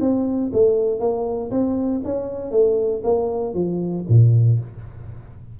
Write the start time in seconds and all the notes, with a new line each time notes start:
0.00 C4
0.52 A3
0.99 A#3
1.50 C4
2.04 C#4
2.51 A3
3.03 A#3
3.54 F3
4.08 A#2